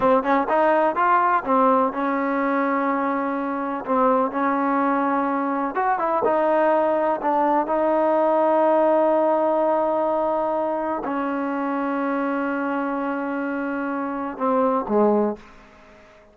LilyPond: \new Staff \with { instrumentName = "trombone" } { \time 4/4 \tempo 4 = 125 c'8 cis'8 dis'4 f'4 c'4 | cis'1 | c'4 cis'2. | fis'8 e'8 dis'2 d'4 |
dis'1~ | dis'2. cis'4~ | cis'1~ | cis'2 c'4 gis4 | }